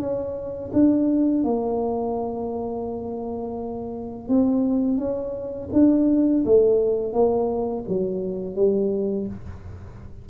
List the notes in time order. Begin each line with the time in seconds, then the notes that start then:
0.00 C#4
0.74 D4
1.44 A#3
4.29 C4
4.98 C#4
5.73 D4
6.45 A3
7.13 A#3
7.89 F#3
8.56 G3